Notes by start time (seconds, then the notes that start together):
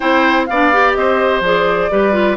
0.00 C4 E4 C5 G5
0.46 B3 D5 F5
0.53 D4
0.73 G4
0.93 C4 C5 D#5
1.40 F3 G#4 D5
1.90 G3 G4 B4
2.12 F4